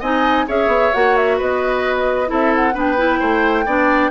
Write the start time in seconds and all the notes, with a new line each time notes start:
0.00 C4 D#4 D#5 G#5
0.47 C#4 G#4 C#5 E5
0.68 B3
0.94 A#3 F#4 F#5
1.17 E5
1.37 B3 B4 D#5
2.27 C4 E4 A4 E5
2.55 F#5
2.74 B3 D4 B4 G5
2.97 E4
3.20 A3 C5
3.66 B3 D4 D5